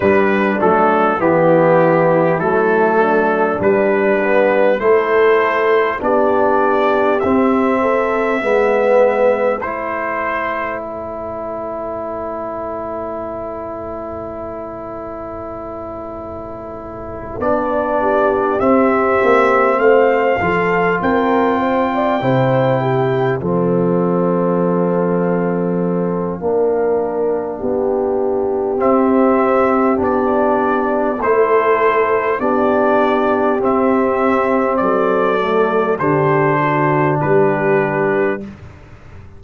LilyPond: <<
  \new Staff \with { instrumentName = "trumpet" } { \time 4/4 \tempo 4 = 50 b'8 a'8 g'4 a'4 b'4 | c''4 d''4 e''2 | c''4 cis''2.~ | cis''2~ cis''8 d''4 e''8~ |
e''8 f''4 g''2 f''8~ | f''1 | e''4 d''4 c''4 d''4 | e''4 d''4 c''4 b'4 | }
  \new Staff \with { instrumentName = "horn" } { \time 4/4 d'4 e'4. d'4. | a'4 g'4. a'8 b'4 | a'1~ | a'2. g'4~ |
g'8 c''8 a'8 ais'8 c''16 d''16 c''8 g'8 a'8~ | a'2 ais'4 g'4~ | g'2 a'4 g'4~ | g'4 a'4 g'8 fis'8 g'4 | }
  \new Staff \with { instrumentName = "trombone" } { \time 4/4 g8 a8 b4 a4 g8 b8 | e'4 d'4 c'4 b4 | e'1~ | e'2~ e'8 d'4 c'8~ |
c'4 f'4. e'4 c'8~ | c'2 d'2 | c'4 d'4 e'4 d'4 | c'4. a8 d'2 | }
  \new Staff \with { instrumentName = "tuba" } { \time 4/4 g8 fis8 e4 fis4 g4 | a4 b4 c'4 gis4 | a1~ | a2~ a8 b4 c'8 |
ais8 a8 f8 c'4 c4 f8~ | f2 ais4 b4 | c'4 b4 a4 b4 | c'4 fis4 d4 g4 | }
>>